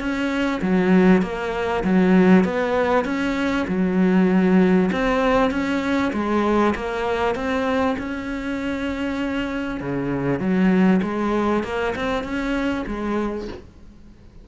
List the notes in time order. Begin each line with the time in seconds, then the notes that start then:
0.00 C#4
0.62 F#3
1.22 A#3
1.84 F#3
2.45 B3
3.05 C#4
3.68 F#3
4.92 C4
5.51 C#4
6.13 G#3
6.76 A#3
7.36 C4
7.98 C#4
9.80 C#3
10.40 F#3
11.03 G#3
11.64 A#3
11.96 C4
12.24 C#4
12.87 G#3